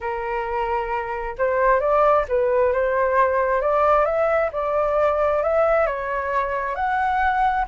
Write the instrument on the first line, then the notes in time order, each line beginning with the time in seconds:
flute
0.00 A#4
1.38 C5
1.80 D5
2.28 B4
2.72 C5
3.61 D5
4.05 E5
4.52 D5
5.43 E5
5.86 C#5
6.75 F#5